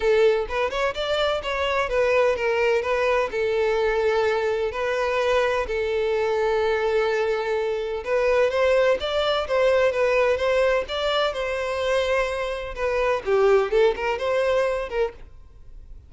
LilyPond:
\new Staff \with { instrumentName = "violin" } { \time 4/4 \tempo 4 = 127 a'4 b'8 cis''8 d''4 cis''4 | b'4 ais'4 b'4 a'4~ | a'2 b'2 | a'1~ |
a'4 b'4 c''4 d''4 | c''4 b'4 c''4 d''4 | c''2. b'4 | g'4 a'8 ais'8 c''4. ais'8 | }